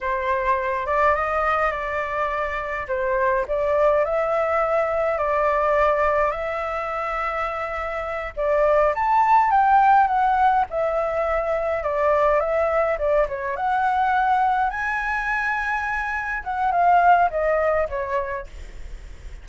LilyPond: \new Staff \with { instrumentName = "flute" } { \time 4/4 \tempo 4 = 104 c''4. d''8 dis''4 d''4~ | d''4 c''4 d''4 e''4~ | e''4 d''2 e''4~ | e''2~ e''8 d''4 a''8~ |
a''8 g''4 fis''4 e''4.~ | e''8 d''4 e''4 d''8 cis''8 fis''8~ | fis''4. gis''2~ gis''8~ | gis''8 fis''8 f''4 dis''4 cis''4 | }